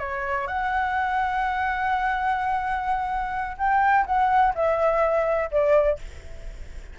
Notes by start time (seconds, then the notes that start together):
0.00 C#5
0.48 F#5
3.58 G5
4.06 F#5
4.55 E5
5.52 D5